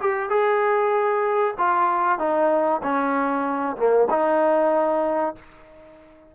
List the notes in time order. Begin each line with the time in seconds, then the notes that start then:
0.00 G4
0.29 G#4
1.58 F4
2.18 D#4
2.82 C#4
3.76 A#3
4.10 D#4